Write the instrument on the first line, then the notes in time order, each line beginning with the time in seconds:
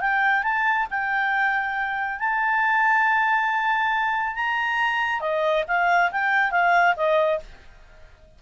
clarinet
0.00 G5
0.43 A5
0.90 G5
2.19 A5
4.35 A#5
5.20 D#5
5.67 F5
6.11 G5
6.51 F5
6.96 D#5